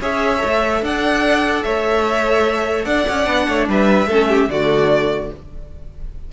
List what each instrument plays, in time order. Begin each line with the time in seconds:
0.00 cello C#4, viola G#4, violin C#5 E5
0.38 viola A4
0.44 cello A3
0.82 cello D4, violin D5 F#5
1.63 cello A3, violin C#5 E5
2.85 cello D4, violin D5 F#5
3.09 cello C#4
3.24 cello B3, viola D4
3.48 cello A3, violin C#5
3.68 cello G3, violin B4 E5
4.07 cello A3, viola C#4, violin A4
4.29 violin G4
4.48 cello D3, viola A3, violin F#4 D5